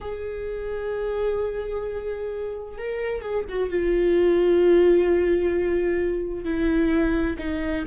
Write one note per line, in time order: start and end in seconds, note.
0.01 2.78 G#4
2.78 3.21 A#4
3.21 3.44 G#4
3.48 3.69 F#4
3.69 6.44 F4
6.44 7.36 E4
7.38 7.84 D#4